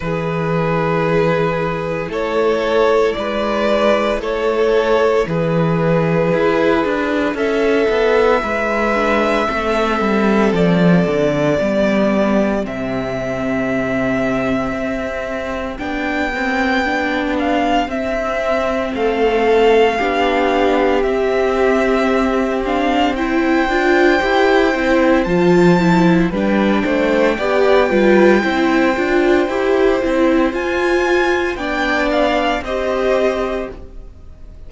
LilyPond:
<<
  \new Staff \with { instrumentName = "violin" } { \time 4/4 \tempo 4 = 57 b'2 cis''4 d''4 | cis''4 b'2 e''4~ | e''2 d''2 | e''2. g''4~ |
g''8 f''8 e''4 f''2 | e''4. f''8 g''2 | a''4 g''2.~ | g''4 gis''4 g''8 f''8 dis''4 | }
  \new Staff \with { instrumentName = "violin" } { \time 4/4 gis'2 a'4 b'4 | a'4 gis'2 a'4 | b'4 a'2 g'4~ | g'1~ |
g'2 a'4 g'4~ | g'2 c''2~ | c''4 b'8 c''8 d''8 b'8 c''4~ | c''2 d''4 c''4 | }
  \new Staff \with { instrumentName = "viola" } { \time 4/4 e'1~ | e'1~ | e'8 d'8 c'2 b4 | c'2. d'8 c'8 |
d'4 c'2 d'4 | c'4. d'8 e'8 f'8 g'8 e'8 | f'8 e'8 d'4 g'8 f'8 e'8 f'8 | g'8 e'8 f'4 d'4 g'4 | }
  \new Staff \with { instrumentName = "cello" } { \time 4/4 e2 a4 gis4 | a4 e4 e'8 d'8 cis'8 b8 | gis4 a8 g8 f8 d8 g4 | c2 c'4 b4~ |
b4 c'4 a4 b4 | c'2~ c'8 d'8 e'8 c'8 | f4 g8 a8 b8 g8 c'8 d'8 | e'8 c'8 f'4 b4 c'4 | }
>>